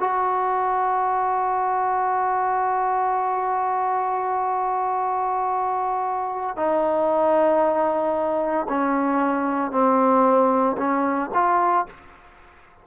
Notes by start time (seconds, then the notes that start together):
0.00 F#4
6.57 D#4
8.69 C#4
9.72 C4
10.78 C#4
11.34 F4